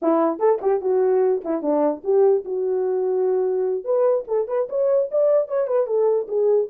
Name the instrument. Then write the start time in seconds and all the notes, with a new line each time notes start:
horn
0.01 E4
0.39 A4
0.61 G4
0.81 F#4
1.44 E4
1.62 D4
2.03 G4
2.44 F#4
3.84 B4
4.27 A4
4.47 B4
4.69 C#5
5.11 D5
5.47 C#5
5.67 B4
5.86 A4
6.27 G#4